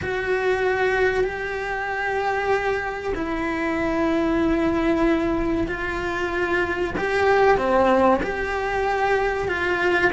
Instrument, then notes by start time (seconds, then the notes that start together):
cello
0.01 F#4
1.24 G4
3.14 E4
5.67 F4
6.97 G4
7.57 C4
8.22 G4
9.47 F4